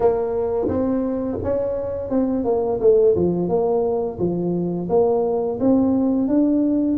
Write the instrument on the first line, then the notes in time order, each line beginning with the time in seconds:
tuba
0.00 A#3
0.68 C4
1.43 C#4
2.09 C4
2.44 A#3
2.80 A3
3.15 F3
3.48 A#3
4.18 F3
4.89 A#3
5.59 C4
6.28 D4